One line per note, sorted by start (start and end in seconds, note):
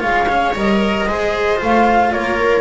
0.00 0.55 G#3
0.00 0.26 F4
0.00 1.06 C#5
0.00 0.54 F5
0.29 0.55 C#4
0.55 1.08 G3
0.55 1.08 A#4
0.55 1.62 D#5
1.08 1.61 G#3
1.08 1.57 G#4
1.08 2.13 C5
1.57 2.14 A3
1.57 2.61 F4
1.57 2.12 F5
2.12 2.61 A#3
2.12 2.61 A#4
2.12 2.61 C#5